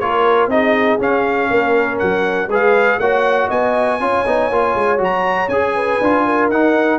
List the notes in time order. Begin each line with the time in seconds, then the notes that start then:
0.00 A#3 F4 A#4 C#5
0.48 C4 D#4 G#4 D#5
0.99 C#4 F5
1.51 A#3 A#4
1.99 F#3 F#5
2.48 G#3 G#4 B4
2.54 F5
3.00 A#3 F#4 C#5 F#5
3.49 B3 D#5 G#5
4.01 C#4 F4 C#5
4.27 B3 D#4
4.51 A#3 F4
4.76 G#3
4.98 F#3 F#4 A#5
5.48 C#4 G#4 G#5
5.75 B4
6.01 D4 F4
6.25 A#4
6.50 D#4 F#5